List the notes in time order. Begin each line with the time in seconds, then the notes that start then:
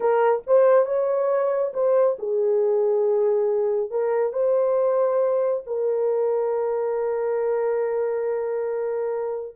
0.00 A#4
0.47 C5
0.85 C#5
1.73 C5
2.19 G#4
3.90 A#4
4.32 C5
5.66 A#4